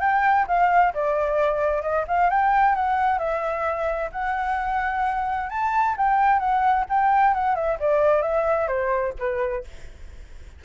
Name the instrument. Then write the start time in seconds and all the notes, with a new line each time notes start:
flute
0.00 G5
0.47 F5
0.94 D5
1.82 D#5
2.07 F5
2.30 G5
2.75 F#5
3.18 E5
4.12 F#5
5.49 A5
5.97 G5
6.39 F#5
6.89 G5
7.34 F#5
7.55 E5
7.80 D5
8.22 E5
8.67 C5
9.18 B4